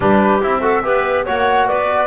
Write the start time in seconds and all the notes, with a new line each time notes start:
0.00 G3 D4 G4 B4
0.41 C4 E4 E5
0.61 F#4 A4
0.83 B3 G4 B4
1.25 A#3 F#4 C#5 F#5
1.67 B3 B4 D5